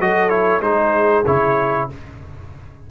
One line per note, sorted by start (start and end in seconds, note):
0.00 0.61 F#3
0.00 0.29 F#4
0.00 0.64 A4
0.00 0.29 D#5
0.29 0.61 E4
0.29 0.61 C#5
0.61 1.24 G#3
0.61 1.24 D#4
0.61 1.90 G#4
0.61 1.25 C5
1.26 1.90 C#3
1.26 1.90 E4
1.26 1.89 C#5